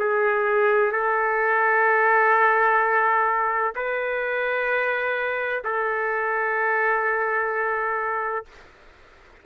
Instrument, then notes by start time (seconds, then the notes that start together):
trumpet
0.00 G#4
0.92 A4
3.76 B4
5.65 A4